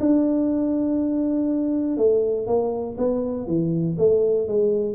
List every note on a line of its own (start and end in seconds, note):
0.00 1.97 D4
1.97 2.47 A3
2.47 2.96 A#3
2.97 3.47 B3
3.47 3.96 E3
3.98 4.47 A3
4.47 4.95 G#3